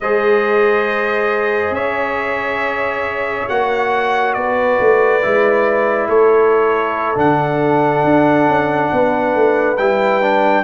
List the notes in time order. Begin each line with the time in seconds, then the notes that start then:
0.00 G#3 G#4 C5 D#5
1.70 C#4 C#5 E5
3.49 A#3 F#4 F#5
4.33 B3 B4 D5
4.79 A3
5.22 G#3 E4
6.07 A3 A4 C#5
7.15 D3 D4 F#5
8.03 D4
8.47 C#4
8.92 B3 B4
9.34 A3
9.77 G3 E4 G5
10.21 D4